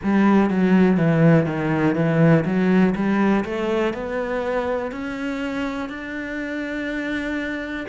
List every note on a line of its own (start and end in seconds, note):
0.03 0.50 G3
0.50 0.97 F#3
0.97 1.46 E3
1.46 1.95 D#3
1.95 2.44 E3
2.45 2.94 F#3
2.95 3.44 G3
3.44 3.93 A3
3.93 4.91 B3
4.91 5.89 C#4
5.89 7.86 D4